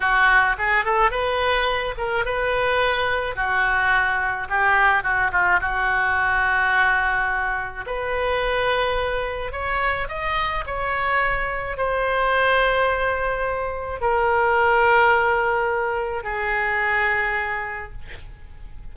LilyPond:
\new Staff \with { instrumentName = "oboe" } { \time 4/4 \tempo 4 = 107 fis'4 gis'8 a'8 b'4. ais'8 | b'2 fis'2 | g'4 fis'8 f'8 fis'2~ | fis'2 b'2~ |
b'4 cis''4 dis''4 cis''4~ | cis''4 c''2.~ | c''4 ais'2.~ | ais'4 gis'2. | }